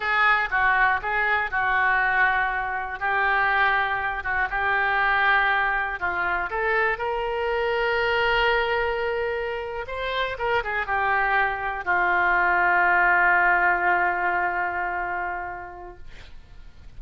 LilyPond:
\new Staff \with { instrumentName = "oboe" } { \time 4/4 \tempo 4 = 120 gis'4 fis'4 gis'4 fis'4~ | fis'2 g'2~ | g'8 fis'8 g'2. | f'4 a'4 ais'2~ |
ais'2.~ ais'8. c''16~ | c''8. ais'8 gis'8 g'2 f'16~ | f'1~ | f'1 | }